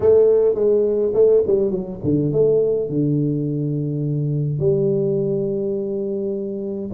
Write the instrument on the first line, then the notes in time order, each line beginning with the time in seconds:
tuba
0.00 A3
0.55 G#3
1.14 A3
1.46 G3
1.70 F#3
2.03 D3
2.32 A3
2.89 D3
4.59 G3